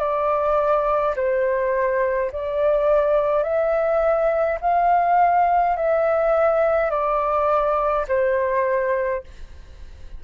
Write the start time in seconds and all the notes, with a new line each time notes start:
0.00 D5
1.16 C5
2.32 D5
3.44 E5
4.62 F5
5.77 E5
6.91 D5
8.08 C5